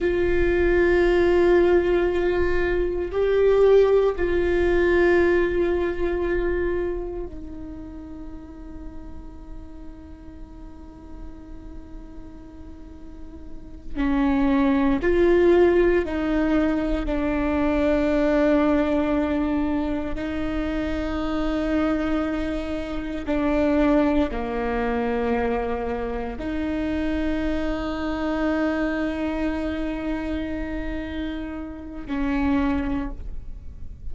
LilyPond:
\new Staff \with { instrumentName = "viola" } { \time 4/4 \tempo 4 = 58 f'2. g'4 | f'2. dis'4~ | dis'1~ | dis'4. cis'4 f'4 dis'8~ |
dis'8 d'2. dis'8~ | dis'2~ dis'8 d'4 ais8~ | ais4. dis'2~ dis'8~ | dis'2. cis'4 | }